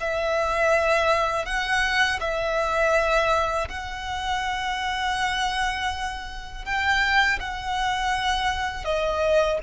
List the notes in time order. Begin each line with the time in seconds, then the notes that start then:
0.00 E5
1.45 F#5
2.20 E5
3.68 F#5
6.65 G5
7.39 F#5
8.85 D#5